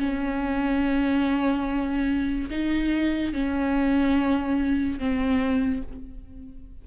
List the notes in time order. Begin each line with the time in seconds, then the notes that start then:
0.00 C#4
2.50 D#4
3.34 C#4
4.99 C4